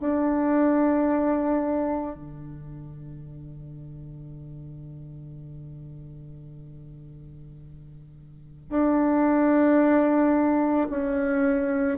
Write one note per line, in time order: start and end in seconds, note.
0.00 2.16 D4
2.16 8.69 D3
8.69 10.87 D4
10.90 11.98 C#4